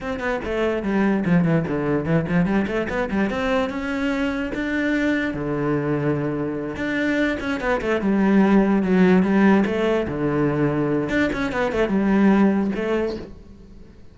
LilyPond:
\new Staff \with { instrumentName = "cello" } { \time 4/4 \tempo 4 = 146 c'8 b8 a4 g4 f8 e8 | d4 e8 f8 g8 a8 b8 g8 | c'4 cis'2 d'4~ | d'4 d2.~ |
d8 d'4. cis'8 b8 a8 g8~ | g4. fis4 g4 a8~ | a8 d2~ d8 d'8 cis'8 | b8 a8 g2 a4 | }